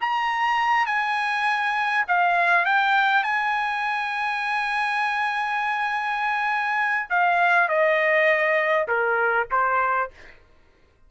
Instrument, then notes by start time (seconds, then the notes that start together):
trumpet
0.00 A#5
0.86 G#5
2.08 F5
2.65 G5
3.23 G#5
7.10 F5
7.68 D#5
8.88 A#4
9.51 C5